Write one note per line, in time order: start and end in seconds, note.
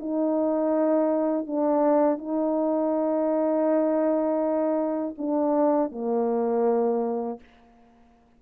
0.00 1.46 D#4
1.46 2.18 D4
2.18 5.14 D#4
5.18 5.92 D4
5.92 7.40 A#3